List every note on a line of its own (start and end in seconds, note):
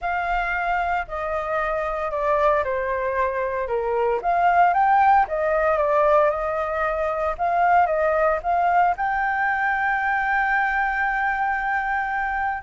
0.01 1.06 F5
1.07 2.11 D#5
2.11 2.63 D5
2.64 3.67 C5
3.67 4.20 A#4
4.22 4.73 F5
4.73 5.26 G5
5.28 5.77 D#5
5.77 6.30 D5
6.30 7.35 D#5
7.38 7.86 F5
7.86 8.39 D#5
8.42 8.95 F5
8.96 12.63 G5